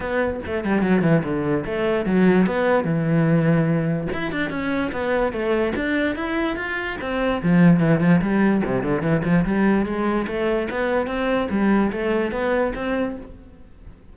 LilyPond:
\new Staff \with { instrumentName = "cello" } { \time 4/4 \tempo 4 = 146 b4 a8 g8 fis8 e8 d4 | a4 fis4 b4 e4~ | e2 e'8 d'8 cis'4 | b4 a4 d'4 e'4 |
f'4 c'4 f4 e8 f8 | g4 c8 d8 e8 f8 g4 | gis4 a4 b4 c'4 | g4 a4 b4 c'4 | }